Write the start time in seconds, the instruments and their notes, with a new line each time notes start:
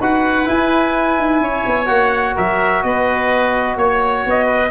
0.00 tuba D#4, trombone F#4, oboe B4, trumpet F#5
0.45 trombone E4, tuba E4, trumpet G#5
1.18 tuba D#4
1.40 tuba C#4, oboe C#5
1.66 tuba B3
1.86 tuba A#3, trombone F#4, trumpet F#5
2.36 tuba F#3, oboe A#4, trumpet E5
2.83 tuba B3, oboe B4, trumpet D#5
3.77 tuba A#3, oboe C#5, trumpet C#5
4.26 tuba B3, trumpet D#5
4.46 oboe B4